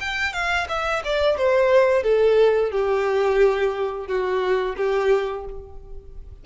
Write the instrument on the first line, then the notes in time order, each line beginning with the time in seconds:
violin
0.00 G5
0.33 F5
0.68 E5
1.04 D5
1.38 C5
2.03 A4
2.71 G4
4.08 F#4
4.77 G4